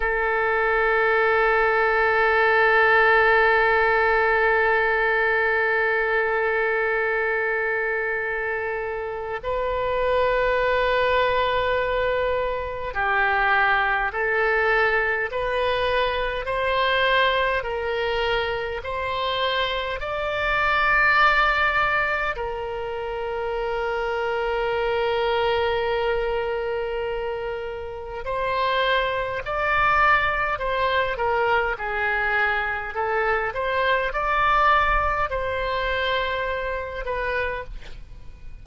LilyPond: \new Staff \with { instrumentName = "oboe" } { \time 4/4 \tempo 4 = 51 a'1~ | a'1 | b'2. g'4 | a'4 b'4 c''4 ais'4 |
c''4 d''2 ais'4~ | ais'1 | c''4 d''4 c''8 ais'8 gis'4 | a'8 c''8 d''4 c''4. b'8 | }